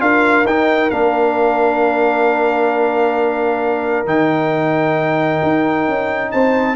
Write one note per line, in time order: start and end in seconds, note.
0.00 0.45 D4
0.00 0.45 F4
0.00 6.34 A#4
0.00 0.47 F5
0.45 0.91 D#4
0.45 0.91 G5
0.91 4.06 A#3
0.91 4.07 D4
0.91 4.07 F5
4.06 5.41 D#3
4.06 6.76 D#4
4.06 6.32 G5
5.43 5.89 D#4
5.89 6.34 C#4
6.32 6.76 C4
6.32 6.76 C5
6.32 6.76 A5